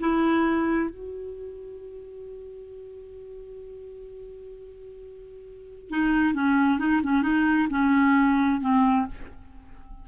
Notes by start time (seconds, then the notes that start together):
0.00 E4
0.90 F#4
5.90 D#4
6.34 C#4
6.79 D#4
7.03 C#4
7.22 D#4
7.70 C#4
8.61 C4